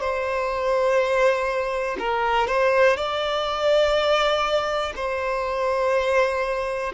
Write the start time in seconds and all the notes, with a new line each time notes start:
0.00 C5
1.99 A#4
2.47 C5
2.96 D5
4.96 C5